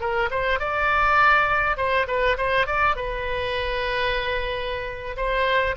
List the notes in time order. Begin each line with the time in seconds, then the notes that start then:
0.00 A#4
0.30 C5
0.59 D5
1.77 C5
2.07 B4
2.37 C5
2.66 D5
2.95 B4
5.16 C5